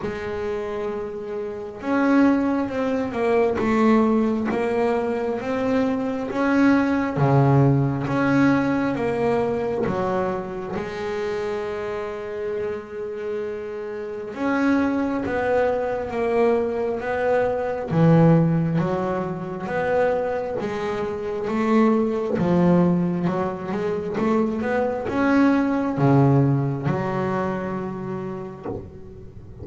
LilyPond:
\new Staff \with { instrumentName = "double bass" } { \time 4/4 \tempo 4 = 67 gis2 cis'4 c'8 ais8 | a4 ais4 c'4 cis'4 | cis4 cis'4 ais4 fis4 | gis1 |
cis'4 b4 ais4 b4 | e4 fis4 b4 gis4 | a4 f4 fis8 gis8 a8 b8 | cis'4 cis4 fis2 | }